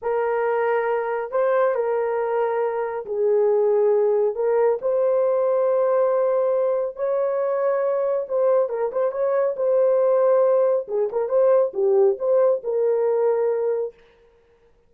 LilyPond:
\new Staff \with { instrumentName = "horn" } { \time 4/4 \tempo 4 = 138 ais'2. c''4 | ais'2. gis'4~ | gis'2 ais'4 c''4~ | c''1 |
cis''2. c''4 | ais'8 c''8 cis''4 c''2~ | c''4 gis'8 ais'8 c''4 g'4 | c''4 ais'2. | }